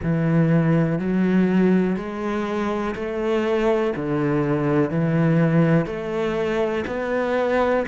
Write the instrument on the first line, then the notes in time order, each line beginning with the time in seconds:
cello
0.02 E3
0.98 F#3
1.96 G#3
2.95 A3
3.96 D3
4.90 E3
5.86 A3
6.86 B3